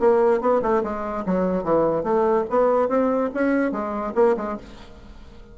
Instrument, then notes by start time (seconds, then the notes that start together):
bassoon
0.00 A#3
0.41 B3
0.62 A3
0.84 G#3
1.26 F#3
1.64 E3
2.04 A3
2.50 B3
2.89 C4
3.35 C#4
3.72 G#3
4.15 A#3
4.37 G#3